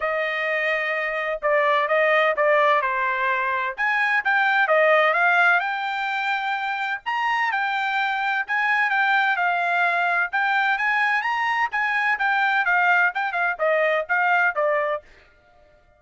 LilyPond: \new Staff \with { instrumentName = "trumpet" } { \time 4/4 \tempo 4 = 128 dis''2. d''4 | dis''4 d''4 c''2 | gis''4 g''4 dis''4 f''4 | g''2. ais''4 |
g''2 gis''4 g''4 | f''2 g''4 gis''4 | ais''4 gis''4 g''4 f''4 | g''8 f''8 dis''4 f''4 d''4 | }